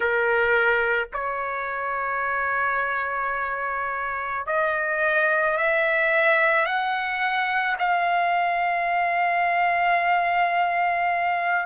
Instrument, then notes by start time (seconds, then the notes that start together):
trumpet
0.00 A#4
1.13 C#5
4.46 D#5
5.57 E5
6.65 F#5
7.78 F5